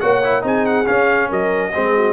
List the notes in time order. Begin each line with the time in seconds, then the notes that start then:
0.00 A#3 F#4 C#5 F#5
0.24 E4
0.42 C4 D#4 G#4 G#5
0.66 F#5
0.86 C#4 F5
1.29 F#3 A#4 D#5
1.73 G#3 C4 G#4
1.97 F#4